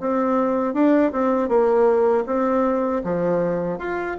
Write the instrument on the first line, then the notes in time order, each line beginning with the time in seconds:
bassoon
0.00 C4
0.74 D4
1.12 C4
1.48 A#3
2.26 C4
3.03 F3
3.78 F4